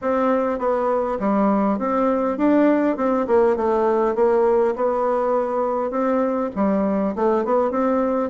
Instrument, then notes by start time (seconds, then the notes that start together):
bassoon
0.01 C4
0.59 B3
1.19 G3
1.78 C4
2.37 D4
2.96 C4
3.27 A#3
3.56 A3
4.15 A#3
4.75 B3
5.90 C4
6.55 G3
7.15 A3
7.44 B3
7.71 C4